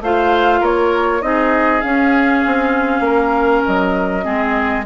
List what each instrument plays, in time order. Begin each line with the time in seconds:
0.00 bassoon A3, clarinet F4, oboe C5, flute F5
0.60 bassoon A#3, oboe A#4, flute C#5
1.21 bassoon C4, clarinet D#4, oboe G#4, flute D#5
1.81 clarinet C#4, bassoon C#4, flute F5
2.45 bassoon C4
3.00 bassoon A#3, oboe A#4
3.65 bassoon F#3, flute D#5
4.23 bassoon G#3, clarinet C4, oboe G#4